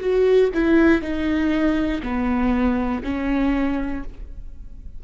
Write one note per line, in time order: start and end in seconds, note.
0.00 0.50 F#4
0.54 1.02 E4
1.02 2.02 D#4
2.03 3.03 B3
3.04 4.04 C#4